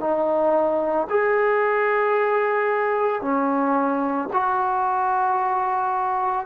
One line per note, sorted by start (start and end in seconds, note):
0.00 1.07 D#4
1.10 3.22 G#4
3.22 4.29 C#4
4.33 6.46 F#4